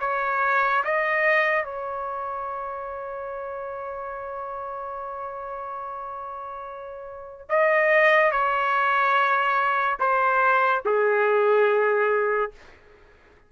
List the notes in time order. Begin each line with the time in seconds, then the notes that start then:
0.00 C#5
0.84 D#5
1.64 C#5
7.49 D#5
8.31 C#5
9.99 C5
10.85 G#4